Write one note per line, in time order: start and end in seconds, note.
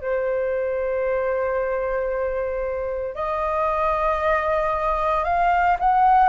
0.00 3.14 C5
3.14 5.24 D#5
5.24 5.77 F5
5.79 6.29 F#5